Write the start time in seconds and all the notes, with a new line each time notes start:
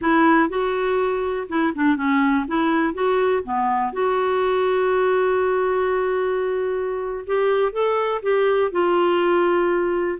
0.01 E4
0.49 F#4
1.48 E4
1.75 D4
1.96 C#4
2.47 E4
2.94 F#4
3.43 B3
3.92 F#4
7.26 G4
7.72 A4
8.22 G4
8.71 F4